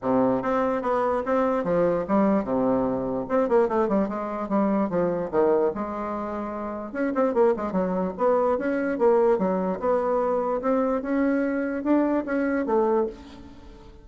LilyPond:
\new Staff \with { instrumentName = "bassoon" } { \time 4/4 \tempo 4 = 147 c4 c'4 b4 c'4 | f4 g4 c2 | c'8 ais8 a8 g8 gis4 g4 | f4 dis4 gis2~ |
gis4 cis'8 c'8 ais8 gis8 fis4 | b4 cis'4 ais4 fis4 | b2 c'4 cis'4~ | cis'4 d'4 cis'4 a4 | }